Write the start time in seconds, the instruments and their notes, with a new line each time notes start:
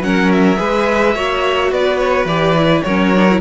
0.00 cello F#3, viola C#4, violin A#4 F#5
0.32 violin E5
0.56 cello G#3, viola G#4, violin B4
1.15 cello A#3, viola F#4, violin C#5
1.71 cello B3, violin B4 D5
1.98 violin C#5
2.25 cello E3, viola G4, violin D5
2.57 viola E4
2.82 cello F#3, viola C#4, violin A#4 C#5
3.15 viola D4
3.30 viola E4